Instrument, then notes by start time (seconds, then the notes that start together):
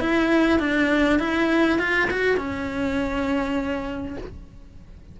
cello
0.00 E4
0.59 D4
1.19 E4
1.79 F4
2.10 F#4
2.37 C#4